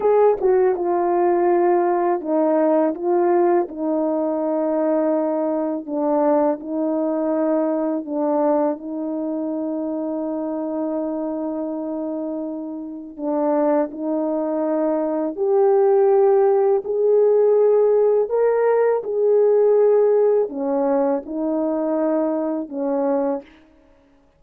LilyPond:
\new Staff \with { instrumentName = "horn" } { \time 4/4 \tempo 4 = 82 gis'8 fis'8 f'2 dis'4 | f'4 dis'2. | d'4 dis'2 d'4 | dis'1~ |
dis'2 d'4 dis'4~ | dis'4 g'2 gis'4~ | gis'4 ais'4 gis'2 | cis'4 dis'2 cis'4 | }